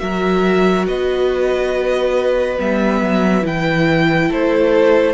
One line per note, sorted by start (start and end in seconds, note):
0.00 0.88 F#3
0.00 2.57 F#4
0.00 0.88 A#4
0.00 0.86 E5
0.88 2.59 B3
0.88 4.29 B4
0.88 2.59 D#5
2.57 3.02 G3
2.57 3.43 B3
2.57 3.47 E5
3.02 3.44 F#3
3.43 4.30 E3
3.43 5.14 E4
3.43 4.32 G5
4.29 5.14 A3
4.29 5.14 A4
4.29 5.14 C5